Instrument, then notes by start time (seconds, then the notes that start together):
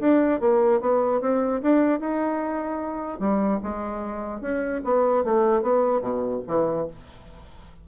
bassoon
0.00 D4
0.40 A#3
0.81 B3
1.21 C4
1.62 D4
2.00 D#4
3.19 G3
3.63 G#3
4.41 C#4
4.84 B3
5.24 A3
5.62 B3
6.01 B2
6.47 E3